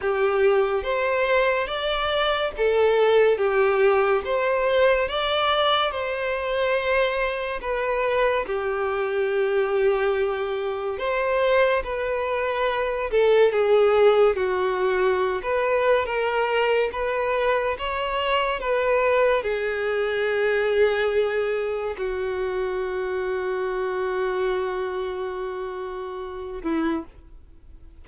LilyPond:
\new Staff \with { instrumentName = "violin" } { \time 4/4 \tempo 4 = 71 g'4 c''4 d''4 a'4 | g'4 c''4 d''4 c''4~ | c''4 b'4 g'2~ | g'4 c''4 b'4. a'8 |
gis'4 fis'4~ fis'16 b'8. ais'4 | b'4 cis''4 b'4 gis'4~ | gis'2 fis'2~ | fis'2.~ fis'8 e'8 | }